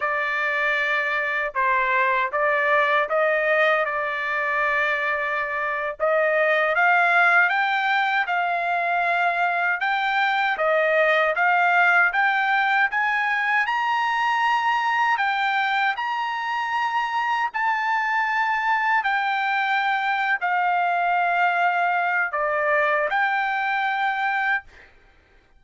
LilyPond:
\new Staff \with { instrumentName = "trumpet" } { \time 4/4 \tempo 4 = 78 d''2 c''4 d''4 | dis''4 d''2~ d''8. dis''16~ | dis''8. f''4 g''4 f''4~ f''16~ | f''8. g''4 dis''4 f''4 g''16~ |
g''8. gis''4 ais''2 g''16~ | g''8. ais''2 a''4~ a''16~ | a''8. g''4.~ g''16 f''4.~ | f''4 d''4 g''2 | }